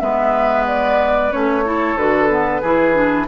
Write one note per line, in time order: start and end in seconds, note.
0.00 1.32 G#3
0.00 1.31 B3
0.00 1.65 B4
0.00 0.65 E5
0.67 1.32 D5
1.31 1.96 A3
1.31 1.63 C#4
1.31 1.97 C#5
1.65 1.97 E4
1.65 2.61 A4
1.96 2.61 D3
1.96 2.29 F#4
1.96 3.28 B4
2.29 2.61 B3
2.61 3.28 E3
2.61 2.93 E4
2.61 3.26 G#4
2.93 3.26 D4